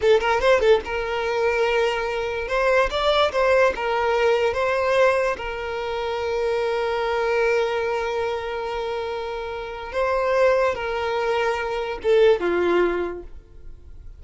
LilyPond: \new Staff \with { instrumentName = "violin" } { \time 4/4 \tempo 4 = 145 a'8 ais'8 c''8 a'8 ais'2~ | ais'2 c''4 d''4 | c''4 ais'2 c''4~ | c''4 ais'2.~ |
ais'1~ | ais'1 | c''2 ais'2~ | ais'4 a'4 f'2 | }